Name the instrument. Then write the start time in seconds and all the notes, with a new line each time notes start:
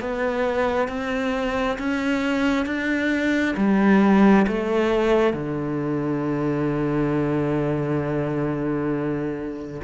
cello
0.00 B3
0.88 C4
1.78 C#4
2.65 D4
3.56 G3
4.47 A3
5.33 D3